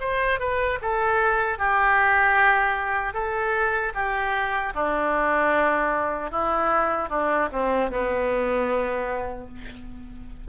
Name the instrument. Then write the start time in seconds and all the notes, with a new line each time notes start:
oboe
0.00 C5
0.39 B4
0.81 A4
1.59 G4
3.14 A4
3.94 G4
4.74 D4
6.31 E4
7.09 D4
7.52 C4
7.90 B3